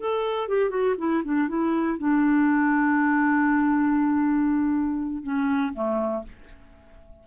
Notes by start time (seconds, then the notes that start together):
0.00 A4
0.48 G4
0.70 F#4
0.98 E4
1.24 D4
1.49 E4
1.98 D4
5.23 C#4
5.74 A3